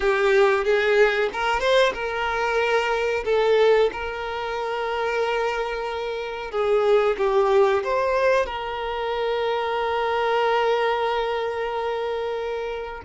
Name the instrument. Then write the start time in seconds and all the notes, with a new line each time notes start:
violin
0.00 G4
0.64 G#4
1.32 A#4
1.60 C5
1.93 A#4
3.25 A4
3.92 A#4
6.51 G#4
7.17 G4
7.83 C5
8.45 A#4